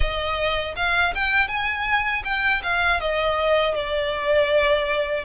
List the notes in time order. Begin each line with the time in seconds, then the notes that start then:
0.00 D#5
0.76 F5
1.15 G5
1.48 G#5
2.24 G5
2.62 F5
3.00 D#5
3.75 D5